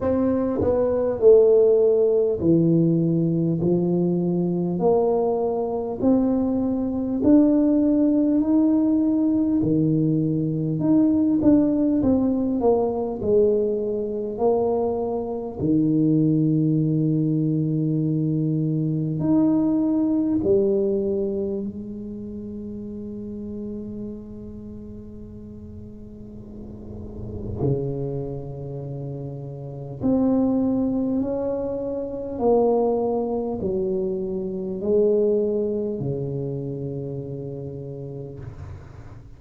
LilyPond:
\new Staff \with { instrumentName = "tuba" } { \time 4/4 \tempo 4 = 50 c'8 b8 a4 e4 f4 | ais4 c'4 d'4 dis'4 | dis4 dis'8 d'8 c'8 ais8 gis4 | ais4 dis2. |
dis'4 g4 gis2~ | gis2. cis4~ | cis4 c'4 cis'4 ais4 | fis4 gis4 cis2 | }